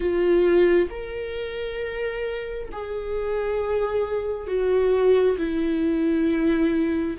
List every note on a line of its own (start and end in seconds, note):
0.00 0.88 F4
0.90 2.69 A#4
2.72 4.47 G#4
4.47 5.36 F#4
5.37 7.16 E4